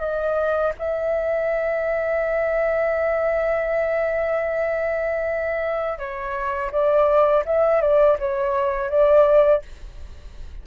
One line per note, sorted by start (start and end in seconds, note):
0.00 0.72 D#5
0.78 5.98 E5
5.98 6.71 C#5
6.72 7.44 D5
7.45 7.81 E5
7.81 8.17 D5
8.19 8.89 C#5
8.89 9.62 D5